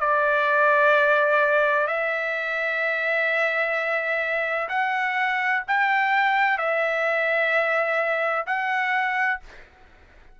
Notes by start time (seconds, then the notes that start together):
0.00 D5
1.87 E5
4.69 F#5
5.68 G5
6.58 E5
8.46 F#5